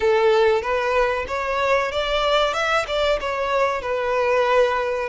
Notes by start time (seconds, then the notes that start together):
0.00 A4
0.62 B4
1.27 C#5
1.91 D5
2.53 E5
2.87 D5
3.20 C#5
3.81 B4